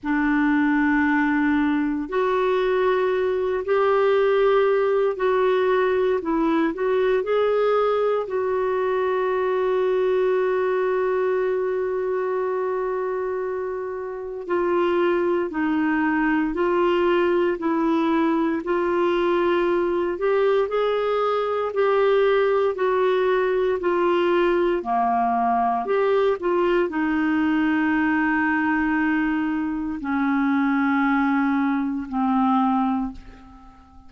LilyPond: \new Staff \with { instrumentName = "clarinet" } { \time 4/4 \tempo 4 = 58 d'2 fis'4. g'8~ | g'4 fis'4 e'8 fis'8 gis'4 | fis'1~ | fis'2 f'4 dis'4 |
f'4 e'4 f'4. g'8 | gis'4 g'4 fis'4 f'4 | ais4 g'8 f'8 dis'2~ | dis'4 cis'2 c'4 | }